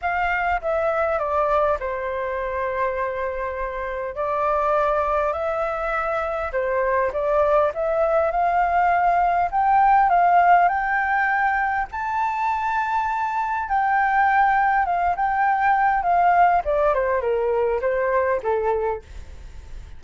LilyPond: \new Staff \with { instrumentName = "flute" } { \time 4/4 \tempo 4 = 101 f''4 e''4 d''4 c''4~ | c''2. d''4~ | d''4 e''2 c''4 | d''4 e''4 f''2 |
g''4 f''4 g''2 | a''2. g''4~ | g''4 f''8 g''4. f''4 | d''8 c''8 ais'4 c''4 a'4 | }